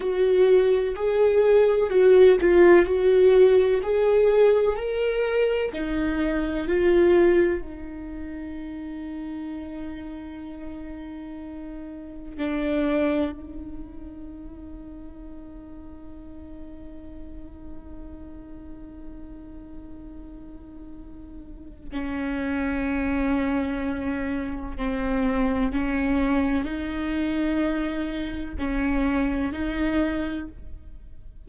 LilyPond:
\new Staff \with { instrumentName = "viola" } { \time 4/4 \tempo 4 = 63 fis'4 gis'4 fis'8 f'8 fis'4 | gis'4 ais'4 dis'4 f'4 | dis'1~ | dis'4 d'4 dis'2~ |
dis'1~ | dis'2. cis'4~ | cis'2 c'4 cis'4 | dis'2 cis'4 dis'4 | }